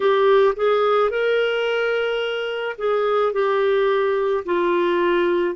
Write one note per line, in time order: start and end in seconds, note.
0.00 0.54 G4
0.56 1.10 G#4
1.10 2.76 A#4
2.78 3.32 G#4
3.32 4.43 G4
4.45 5.55 F4